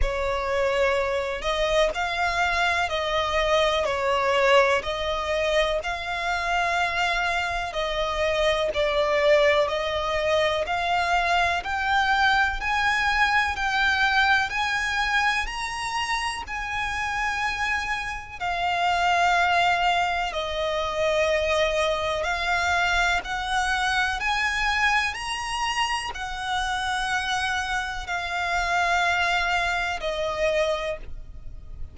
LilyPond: \new Staff \with { instrumentName = "violin" } { \time 4/4 \tempo 4 = 62 cis''4. dis''8 f''4 dis''4 | cis''4 dis''4 f''2 | dis''4 d''4 dis''4 f''4 | g''4 gis''4 g''4 gis''4 |
ais''4 gis''2 f''4~ | f''4 dis''2 f''4 | fis''4 gis''4 ais''4 fis''4~ | fis''4 f''2 dis''4 | }